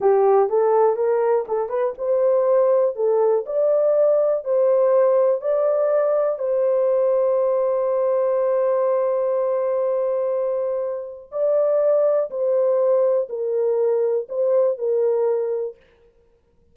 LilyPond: \new Staff \with { instrumentName = "horn" } { \time 4/4 \tempo 4 = 122 g'4 a'4 ais'4 a'8 b'8 | c''2 a'4 d''4~ | d''4 c''2 d''4~ | d''4 c''2.~ |
c''1~ | c''2. d''4~ | d''4 c''2 ais'4~ | ais'4 c''4 ais'2 | }